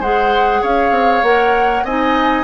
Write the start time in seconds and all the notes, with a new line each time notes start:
0.00 G#3 G#4 C5 F#5
0.62 C#4 C#5 F5
0.91 C4
1.22 A#3 A#4 F#5
1.84 C4 D#4 D#5 G#5